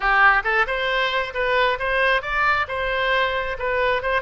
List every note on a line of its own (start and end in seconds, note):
0.00 0.43 G4
0.43 0.66 A4
0.66 1.33 C5
1.34 1.78 B4
1.79 2.22 C5
2.22 2.66 D5
2.68 3.57 C5
3.58 4.02 B4
4.02 4.21 C5